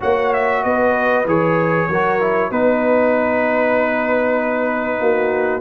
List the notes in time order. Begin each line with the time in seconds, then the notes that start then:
0.00 A#3 F#4 C#5 F#5
0.33 E5
0.63 B3 B4 D#5
1.25 E3 G#4 C#5
1.88 F#3 F#4 A#4
2.20 E4
2.51 B3 D#4 B4
4.99 A#3 F#4